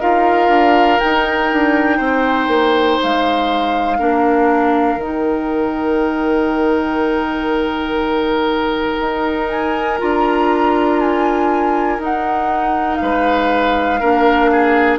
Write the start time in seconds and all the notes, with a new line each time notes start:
0.00 D#4 F4 A#4 F5
0.48 D4
0.99 D#4 G5
1.52 D4
1.97 C4 C5
2.48 A#3
3.02 G#3 F5
3.98 A#3 D4 A#4
4.96 D#3 D#4 G5
9.00 D#4
9.48 G#5
9.99 D4 F4 A#5
11.00 G#5
11.98 D#4 F#5
12.95 F5
13.01 G#3 B4
14.00 A#3 D4 A#4
14.51 G#4